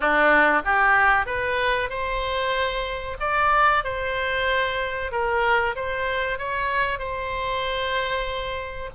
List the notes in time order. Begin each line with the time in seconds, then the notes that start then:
0.00 D4
0.64 G4
1.26 B4
1.89 C5
3.20 D5
3.84 C5
5.11 A#4
5.75 C5
6.38 C#5
6.98 C5